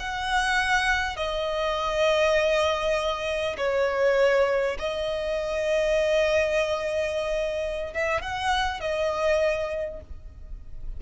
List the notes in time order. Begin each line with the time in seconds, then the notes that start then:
0.00 F#5
1.17 D#5
3.58 C#5
4.79 D#5
7.94 E5
8.22 F#5
8.81 D#5